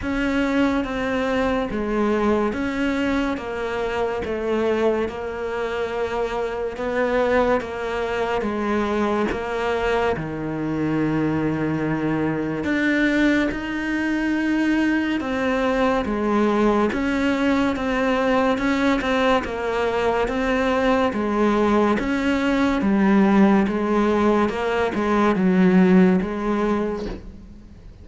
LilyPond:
\new Staff \with { instrumentName = "cello" } { \time 4/4 \tempo 4 = 71 cis'4 c'4 gis4 cis'4 | ais4 a4 ais2 | b4 ais4 gis4 ais4 | dis2. d'4 |
dis'2 c'4 gis4 | cis'4 c'4 cis'8 c'8 ais4 | c'4 gis4 cis'4 g4 | gis4 ais8 gis8 fis4 gis4 | }